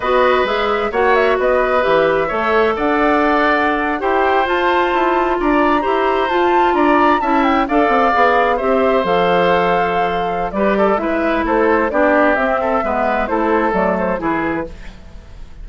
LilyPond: <<
  \new Staff \with { instrumentName = "flute" } { \time 4/4 \tempo 4 = 131 dis''4 e''4 fis''8 e''8 dis''4 | e''2 fis''2~ | fis''8. g''4 a''2 ais''16~ | ais''4.~ ais''16 a''4 ais''4 a''16~ |
a''16 g''8 f''2 e''4 f''16~ | f''2. d''4 | e''4 c''4 d''4 e''4~ | e''4 c''4 d''8 c''8 b'4 | }
  \new Staff \with { instrumentName = "oboe" } { \time 4/4 b'2 cis''4 b'4~ | b'4 cis''4 d''2~ | d''8. c''2. d''16~ | d''8. c''2 d''4 e''16~ |
e''8. d''2 c''4~ c''16~ | c''2. b'8 a'8 | b'4 a'4 g'4. a'8 | b'4 a'2 gis'4 | }
  \new Staff \with { instrumentName = "clarinet" } { \time 4/4 fis'4 gis'4 fis'2 | g'4 a'2.~ | a'8. g'4 f'2~ f'16~ | f'8. g'4 f'2 e'16~ |
e'8. a'4 gis'4 g'4 a'16~ | a'2. g'4 | e'2 d'4 c'4 | b4 e'4 a4 e'4 | }
  \new Staff \with { instrumentName = "bassoon" } { \time 4/4 b4 gis4 ais4 b4 | e4 a4 d'2~ | d'8. e'4 f'4 e'4 d'16~ | d'8. e'4 f'4 d'4 cis'16~ |
cis'8. d'8 c'8 b4 c'4 f16~ | f2. g4 | gis4 a4 b4 c'4 | gis4 a4 fis4 e4 | }
>>